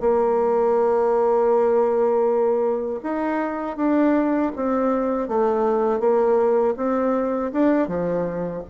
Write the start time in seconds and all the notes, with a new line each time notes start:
0.00 A#3
3.03 D#4
3.76 D4
4.55 C4
5.28 A3
5.99 A#3
6.76 C4
7.52 D4
7.88 F3